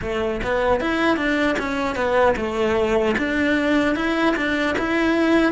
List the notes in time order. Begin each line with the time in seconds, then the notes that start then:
0.01 A3
0.43 B3
0.80 E4
1.16 D4
1.59 C#4
1.95 B3
2.36 A3
3.18 D4
3.95 E4
4.36 D4
4.78 E4